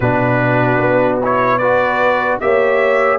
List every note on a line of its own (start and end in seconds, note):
0.00 0.78 B2
0.00 1.21 D4
0.00 1.58 F#4
0.00 1.18 B4
0.79 2.39 B3
1.23 1.61 E4
1.23 1.58 C#5
1.58 2.41 F#4
1.58 2.38 B4
1.58 2.38 D5
2.40 3.19 A#3
2.40 3.19 G4
2.40 3.19 C#5
2.40 3.19 E5